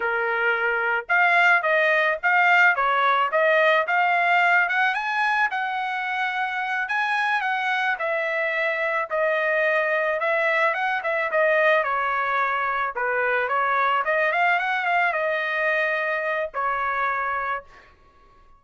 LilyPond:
\new Staff \with { instrumentName = "trumpet" } { \time 4/4 \tempo 4 = 109 ais'2 f''4 dis''4 | f''4 cis''4 dis''4 f''4~ | f''8 fis''8 gis''4 fis''2~ | fis''8 gis''4 fis''4 e''4.~ |
e''8 dis''2 e''4 fis''8 | e''8 dis''4 cis''2 b'8~ | b'8 cis''4 dis''8 f''8 fis''8 f''8 dis''8~ | dis''2 cis''2 | }